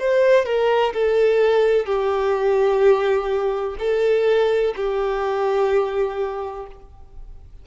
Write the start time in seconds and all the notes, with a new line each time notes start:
0.00 C5
0.46 A#4
0.94 A4
1.86 G4
3.80 A4
4.77 G4